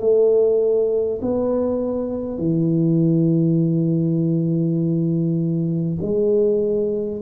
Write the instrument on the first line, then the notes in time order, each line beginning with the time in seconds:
tuba
0.00 A3
1.22 B3
2.38 E3
6.02 G#3